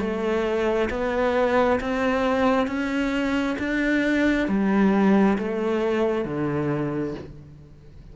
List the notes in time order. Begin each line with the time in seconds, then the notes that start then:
0.00 A3
0.90 B3
1.81 C4
2.67 C#4
3.59 D4
4.49 G3
5.39 A3
6.25 D3